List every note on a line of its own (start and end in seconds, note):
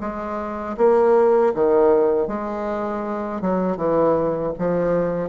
0.00 0.76 G#3
0.77 1.53 A#3
1.54 2.28 D#3
2.28 3.41 G#3
3.41 3.77 F#3
3.77 4.53 E3
4.58 5.29 F3